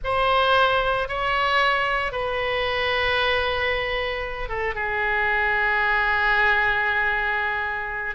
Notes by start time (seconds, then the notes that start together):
0.04 C5
1.08 C#5
2.12 B4
4.49 A4
4.74 G#4